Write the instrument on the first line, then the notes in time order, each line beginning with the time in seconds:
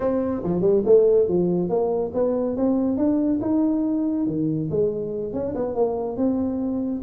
tuba
0.00 C4
0.43 F3
0.61 G3
0.85 A3
1.28 F3
1.69 A#3
2.14 B3
2.56 C4
2.97 D4
3.41 D#4
4.26 D#3
4.70 G#3
5.33 C#4
5.55 B3
5.74 A#3
6.16 C4